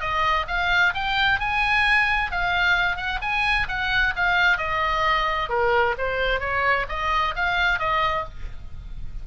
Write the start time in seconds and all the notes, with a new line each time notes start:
0.00 D#5
0.47 F5
0.94 G5
1.39 G#5
2.31 F5
2.96 F#5
3.21 G#5
3.68 F#5
4.16 F5
4.57 D#5
5.49 A#4
5.98 C5
6.40 C#5
6.88 D#5
7.35 F5
7.79 D#5